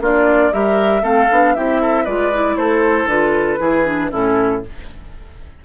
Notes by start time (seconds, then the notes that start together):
0.00 A#3 D4 F4 D5
0.53 G3 G4 A#4 E5
1.03 A3 C4 A4 F5
1.31 B3 D4
1.55 C4 E4 G4 E5
1.82 A4
2.04 G#3 F4 B4 D5
2.33 E4
2.57 A3 A4 C5
3.06 D3 F4 B4
3.58 E3 E4 G#4
3.85 D4
4.10 A2 C#4 E4 A4